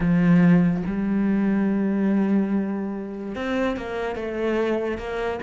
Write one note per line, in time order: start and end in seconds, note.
0.00 0.83 F3
0.86 3.35 G3
3.35 3.77 C4
3.77 4.15 A#3
4.15 4.98 A3
4.98 5.39 A#3